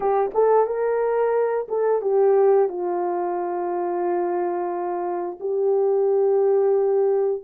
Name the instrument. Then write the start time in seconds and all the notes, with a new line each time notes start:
horn
0.00 G4
0.34 A4
0.66 A#4
1.68 A4
2.01 G4
2.68 F4
5.40 G4